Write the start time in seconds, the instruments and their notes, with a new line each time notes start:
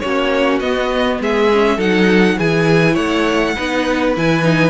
0.00 cello A#3, viola C#4, violin F#4 C#5
0.60 cello B3, viola B3, violin D#5
1.20 cello G#3, violin G#4 E5
1.52 viola C#4
1.77 cello F#3, viola D#4, violin A4 F#5
2.38 cello E3, viola E4, violin G#4 G#5
2.93 cello A3, violin C#5 F#5
3.56 cello B3, viola D#4, violin B4
4.16 cello E3, viola E4, violin G#5
4.43 viola D#4